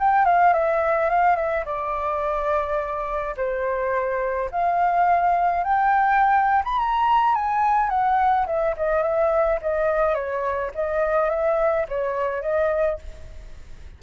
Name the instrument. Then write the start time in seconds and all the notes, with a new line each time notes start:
flute
0.00 G5
0.25 F5
0.54 E5
1.10 F5
1.36 E5
1.66 D5
3.37 C5
4.52 F5
5.64 G5
6.65 B5
6.79 A#5
7.35 G#5
7.90 F#5
8.47 E5
8.77 D#5
9.03 E5
9.62 D#5
10.14 C#5
10.75 D#5
11.30 E5
11.89 C#5
12.42 D#5